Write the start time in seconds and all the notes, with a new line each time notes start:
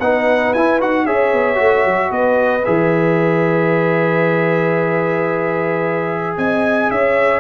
0.00 B3 D#4 B4 F#5
0.53 E4 G#5
0.80 D#4 F#4 F#5
1.06 C#4 G#4 C#5 E5
1.32 B3
1.55 A3 F#4
1.85 F#3
2.11 B3 B4 D#5
2.65 E3 G#4 E5
6.37 C4 D#5 G#5
6.90 C#4 C#5 E5